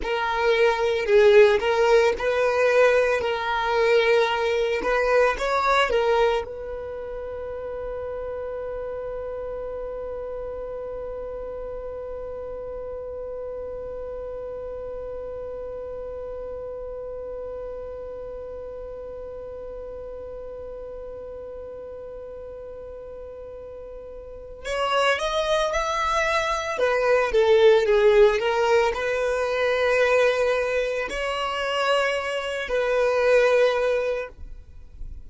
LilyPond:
\new Staff \with { instrumentName = "violin" } { \time 4/4 \tempo 4 = 56 ais'4 gis'8 ais'8 b'4 ais'4~ | ais'8 b'8 cis''8 ais'8 b'2~ | b'1~ | b'1~ |
b'1~ | b'2. cis''8 dis''8 | e''4 b'8 a'8 gis'8 ais'8 b'4~ | b'4 cis''4. b'4. | }